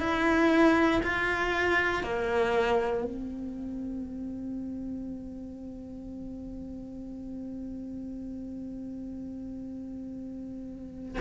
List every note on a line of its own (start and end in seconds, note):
0.00 1.02 E4
1.03 2.03 F4
2.03 3.04 A#3
3.04 11.18 C4